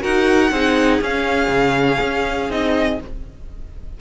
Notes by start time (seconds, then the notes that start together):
0.00 D#4 F#4 A#4 F#5
0.51 C4 D#4 G#4
1.01 C#4 F5
1.48 C#3
2.00 C#4
2.49 C4 D#4 D#5